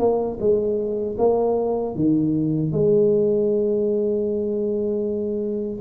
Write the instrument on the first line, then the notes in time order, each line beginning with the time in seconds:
tuba
0.00 A#3
0.41 G#3
1.19 A#3
1.96 D#3
2.72 G#3